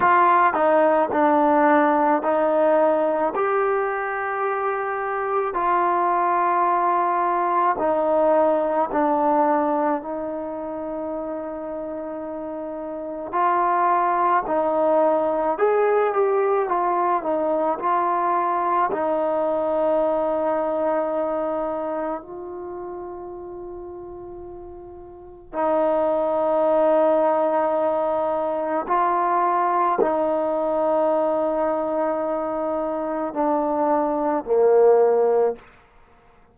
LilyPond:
\new Staff \with { instrumentName = "trombone" } { \time 4/4 \tempo 4 = 54 f'8 dis'8 d'4 dis'4 g'4~ | g'4 f'2 dis'4 | d'4 dis'2. | f'4 dis'4 gis'8 g'8 f'8 dis'8 |
f'4 dis'2. | f'2. dis'4~ | dis'2 f'4 dis'4~ | dis'2 d'4 ais4 | }